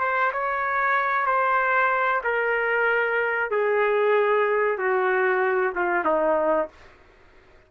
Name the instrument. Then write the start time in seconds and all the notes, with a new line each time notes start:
trumpet
0.00 C5
0.33 C#5
1.26 C5
2.24 A#4
3.51 G#4
4.78 F#4
5.75 F4
6.05 D#4